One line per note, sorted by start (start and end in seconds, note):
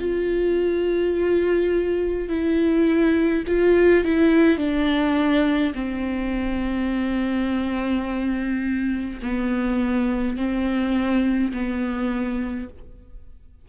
0.00 2.29 F4
2.29 3.45 E4
3.48 4.05 F4
4.05 4.58 E4
4.58 5.74 D4
5.75 9.21 C4
9.23 10.37 B3
10.37 11.53 C4
11.53 12.69 B3